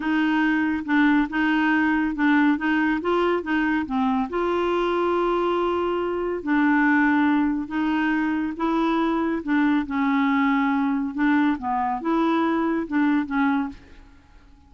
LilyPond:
\new Staff \with { instrumentName = "clarinet" } { \time 4/4 \tempo 4 = 140 dis'2 d'4 dis'4~ | dis'4 d'4 dis'4 f'4 | dis'4 c'4 f'2~ | f'2. d'4~ |
d'2 dis'2 | e'2 d'4 cis'4~ | cis'2 d'4 b4 | e'2 d'4 cis'4 | }